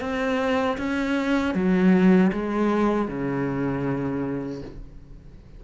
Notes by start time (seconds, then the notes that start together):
0.00 C4
0.77 C#4
1.54 F#3
2.32 G#3
3.08 C#3